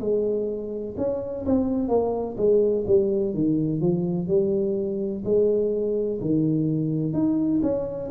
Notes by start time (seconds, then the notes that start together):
0.00 G#3
0.97 C#4
1.45 C4
1.88 A#3
2.37 G#3
2.87 G3
3.34 D#3
3.81 F3
4.27 G3
5.24 G#3
6.20 D#3
7.13 D#4
7.62 C#4